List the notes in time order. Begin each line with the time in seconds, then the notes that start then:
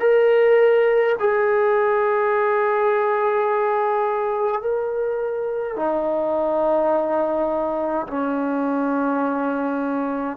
0.00 A#4
1.19 G#4
4.61 A#4
5.76 D#4
8.07 C#4